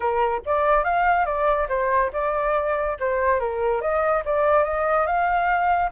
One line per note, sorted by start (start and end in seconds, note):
0.00 0.41 A#4
0.45 0.84 D5
0.84 1.25 F5
1.25 1.67 D5
1.69 2.11 C5
2.12 2.97 D5
2.99 3.39 C5
3.39 3.81 A#4
3.81 4.23 D#5
4.25 4.64 D5
4.64 5.06 D#5
5.06 5.90 F5